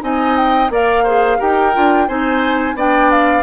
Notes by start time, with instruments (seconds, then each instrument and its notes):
0.00 bassoon C4, clarinet D#4, oboe D#5, flute G#5
0.37 flute G5
0.70 bassoon A#3, clarinet A#4, oboe D5, flute F5
1.03 clarinet G#4, oboe C5
1.38 bassoon D#4, clarinet G4, oboe A#4, flute G5
1.74 bassoon D4, clarinet F4
2.08 bassoon C4, clarinet D#4, oboe C5, flute G#5
2.75 bassoon B3, clarinet D4, oboe D5, flute G5
3.11 flute F5